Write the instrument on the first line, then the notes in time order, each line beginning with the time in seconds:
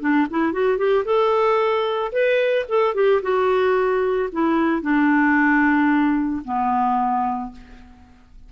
clarinet
0.00 D4
0.30 E4
0.52 F#4
0.77 G4
1.05 A4
2.12 B4
2.68 A4
2.95 G4
3.22 F#4
4.32 E4
4.82 D4
6.45 B3